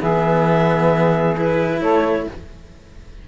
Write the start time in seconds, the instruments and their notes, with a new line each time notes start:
0.00 cello E3 B3, saxophone G#4, clarinet E5
1.37 cello E4, clarinet B4
1.79 cello A3, saxophone A4, clarinet C#5